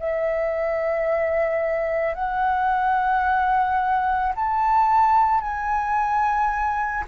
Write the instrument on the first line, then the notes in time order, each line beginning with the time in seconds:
flute
0.00 E5
2.15 F#5
4.36 A5
5.41 G#5